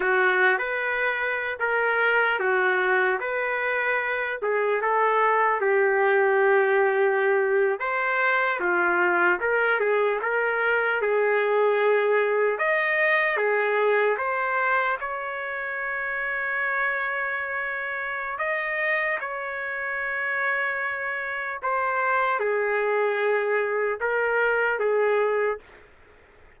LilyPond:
\new Staff \with { instrumentName = "trumpet" } { \time 4/4 \tempo 4 = 75 fis'8. b'4~ b'16 ais'4 fis'4 | b'4. gis'8 a'4 g'4~ | g'4.~ g'16 c''4 f'4 ais'16~ | ais'16 gis'8 ais'4 gis'2 dis''16~ |
dis''8. gis'4 c''4 cis''4~ cis''16~ | cis''2. dis''4 | cis''2. c''4 | gis'2 ais'4 gis'4 | }